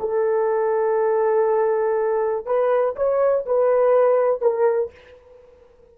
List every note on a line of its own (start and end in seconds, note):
0.00 2.46 A4
2.46 2.95 B4
2.96 3.46 C#5
3.46 4.42 B4
4.42 4.91 A#4